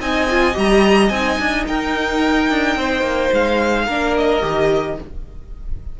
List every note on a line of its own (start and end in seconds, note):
0.00 0.55 C4
0.00 0.29 D#4
0.00 1.66 D#5
0.00 0.56 G#5
0.30 0.54 F4
0.54 1.10 G3
0.54 1.09 G4
0.54 1.09 A#5
1.09 1.38 C4
1.09 3.89 D#4
1.09 1.64 G#5
1.39 1.67 D4
1.68 2.50 D#4
1.68 2.79 A#4
1.68 3.33 G5
2.50 2.76 D4
2.76 3.02 C4
2.76 3.85 C5
3.02 3.29 A#3
3.33 3.87 G#3
3.33 4.17 F5
3.85 4.42 A#3
3.85 4.41 D4
3.85 4.95 A#4
4.17 5.00 D#5
4.41 4.98 D#3
4.41 4.96 G4